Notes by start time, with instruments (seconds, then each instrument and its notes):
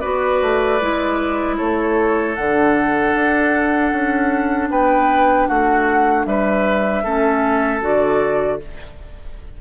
0.00 bassoon B3, clarinet F#4, oboe B4, flute D5
0.42 bassoon A3
0.80 bassoon G#3, clarinet E4
1.57 bassoon A3, oboe A4, flute C#5
2.35 bassoon D3, clarinet D4, flute F#5
3.14 bassoon D4
3.92 bassoon C#4
4.69 bassoon B3, oboe B4, flute G5
5.47 bassoon A3, oboe F#4, flute F#5
6.26 bassoon G3, oboe B4, flute E5
7.04 bassoon A3, clarinet C#4, oboe A4
7.81 bassoon D3, clarinet F#4, flute D5